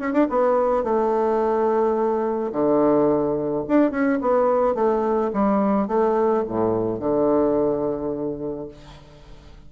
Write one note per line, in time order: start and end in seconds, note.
0.00 0.13 C#4
0.13 0.27 D4
0.30 0.84 B3
0.84 2.52 A3
2.52 3.64 D3
3.68 3.91 D4
3.91 4.19 C#4
4.22 4.75 B3
4.75 5.31 A3
5.34 5.88 G3
5.88 6.44 A3
6.48 7.00 A2
7.00 8.68 D3